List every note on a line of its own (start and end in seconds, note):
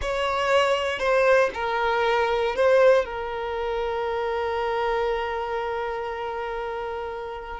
0.01 0.99 C#5
0.99 1.50 C5
1.54 2.55 A#4
2.55 3.05 C5
3.05 7.60 A#4